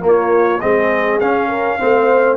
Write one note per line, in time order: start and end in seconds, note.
0.00 0.59 A#3
0.00 0.61 A#3
0.00 0.62 F4
0.08 0.60 C#5
0.60 1.21 G#3
0.60 1.20 C4
0.60 1.48 G#4
0.60 1.19 D#5
1.20 1.80 C#4
1.20 1.79 C#4
1.20 2.37 F5
1.48 1.78 A#4
1.79 2.37 A3
1.79 2.37 C4
1.79 2.37 C5